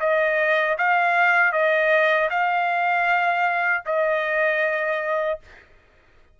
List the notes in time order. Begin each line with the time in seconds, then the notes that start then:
0.00 D#5
0.78 F5
1.52 D#5
2.30 F5
3.86 D#5